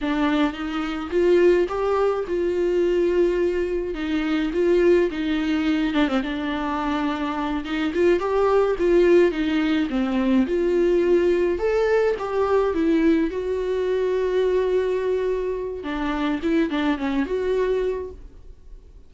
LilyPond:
\new Staff \with { instrumentName = "viola" } { \time 4/4 \tempo 4 = 106 d'4 dis'4 f'4 g'4 | f'2. dis'4 | f'4 dis'4. d'16 c'16 d'4~ | d'4. dis'8 f'8 g'4 f'8~ |
f'8 dis'4 c'4 f'4.~ | f'8 a'4 g'4 e'4 fis'8~ | fis'1 | d'4 e'8 d'8 cis'8 fis'4. | }